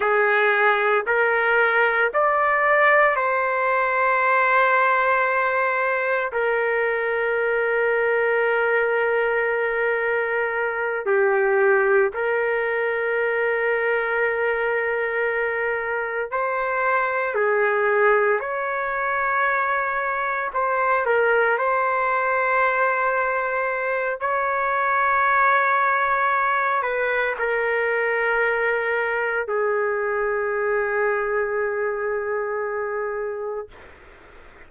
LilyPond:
\new Staff \with { instrumentName = "trumpet" } { \time 4/4 \tempo 4 = 57 gis'4 ais'4 d''4 c''4~ | c''2 ais'2~ | ais'2~ ais'8 g'4 ais'8~ | ais'2.~ ais'8 c''8~ |
c''8 gis'4 cis''2 c''8 | ais'8 c''2~ c''8 cis''4~ | cis''4. b'8 ais'2 | gis'1 | }